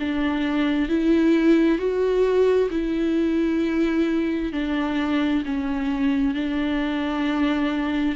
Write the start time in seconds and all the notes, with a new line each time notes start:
0.00 D4
0.89 E4
1.79 F#4
2.71 E4
4.53 D4
5.45 C#4
6.35 D4